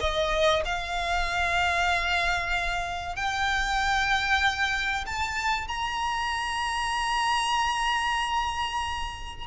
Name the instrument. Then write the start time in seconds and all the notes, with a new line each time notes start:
violin
0.00 D#5
0.65 F5
3.16 G5
5.06 A5
5.68 A#5